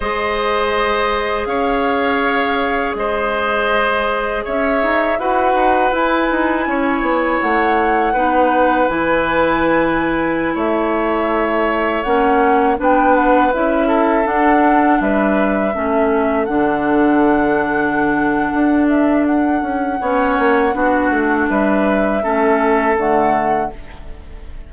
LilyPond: <<
  \new Staff \with { instrumentName = "flute" } { \time 4/4 \tempo 4 = 81 dis''2 f''2 | dis''2 e''4 fis''4 | gis''2 fis''2 | gis''2~ gis''16 e''4.~ e''16~ |
e''16 fis''4 g''8 fis''8 e''4 fis''8.~ | fis''16 e''2 fis''4.~ fis''16~ | fis''4. e''8 fis''2~ | fis''4 e''2 fis''4 | }
  \new Staff \with { instrumentName = "oboe" } { \time 4/4 c''2 cis''2 | c''2 cis''4 b'4~ | b'4 cis''2 b'4~ | b'2~ b'16 cis''4.~ cis''16~ |
cis''4~ cis''16 b'4. a'4~ a'16~ | a'16 b'4 a'2~ a'8.~ | a'2. cis''4 | fis'4 b'4 a'2 | }
  \new Staff \with { instrumentName = "clarinet" } { \time 4/4 gis'1~ | gis'2. fis'4 | e'2. dis'4 | e'1~ |
e'16 cis'4 d'4 e'4 d'8.~ | d'4~ d'16 cis'4 d'4.~ d'16~ | d'2. cis'4 | d'2 cis'4 a4 | }
  \new Staff \with { instrumentName = "bassoon" } { \time 4/4 gis2 cis'2 | gis2 cis'8 dis'8 e'8 dis'8 | e'8 dis'8 cis'8 b8 a4 b4 | e2~ e16 a4.~ a16~ |
a16 ais4 b4 cis'4 d'8.~ | d'16 g4 a4 d4.~ d16~ | d4 d'4. cis'8 b8 ais8 | b8 a8 g4 a4 d4 | }
>>